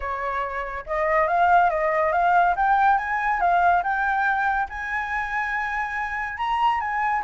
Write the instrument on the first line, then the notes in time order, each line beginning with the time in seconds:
flute
0.00 C#5
0.86 D#5
1.27 F5
1.70 D#5
2.12 F5
2.56 G5
2.98 G#5
3.40 F5
3.83 G5
4.69 G#5
6.37 A#5
6.80 G#5